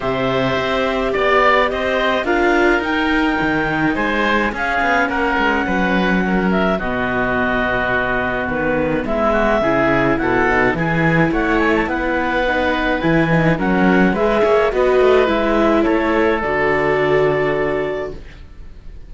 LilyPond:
<<
  \new Staff \with { instrumentName = "clarinet" } { \time 4/4 \tempo 4 = 106 e''2 d''4 dis''4 | f''4 g''2 gis''4 | f''4 fis''2~ fis''8 e''8 | dis''2. b'4 |
e''2 fis''4 gis''4 | fis''8 gis''16 a''16 fis''2 gis''4 | fis''4 e''4 dis''4 e''4 | cis''4 d''2. | }
  \new Staff \with { instrumentName = "oboe" } { \time 4/4 c''2 d''4 c''4 | ais'2. c''4 | gis'4 ais'4 b'4 ais'4 | fis'1 |
e'8 fis'8 gis'4 a'4 gis'4 | cis''4 b'2. | ais'4 b'8 cis''8 b'2 | a'1 | }
  \new Staff \with { instrumentName = "viola" } { \time 4/4 g'1 | f'4 dis'2. | cis'1 | b1~ |
b4 e'4. dis'8 e'4~ | e'2 dis'4 e'8 dis'8 | cis'4 gis'4 fis'4 e'4~ | e'4 fis'2. | }
  \new Staff \with { instrumentName = "cello" } { \time 4/4 c4 c'4 b4 c'4 | d'4 dis'4 dis4 gis4 | cis'8 b8 ais8 gis8 fis2 | b,2. dis4 |
gis4 cis4 b,4 e4 | a4 b2 e4 | fis4 gis8 ais8 b8 a8 gis4 | a4 d2. | }
>>